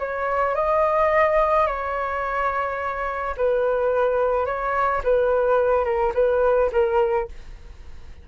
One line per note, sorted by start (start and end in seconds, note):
0.00 0.55 C#5
0.55 1.67 D#5
1.67 3.35 C#5
3.37 4.46 B4
4.46 5.02 C#5
5.04 5.85 B4
5.85 6.13 A#4
6.15 6.71 B4
6.72 7.28 A#4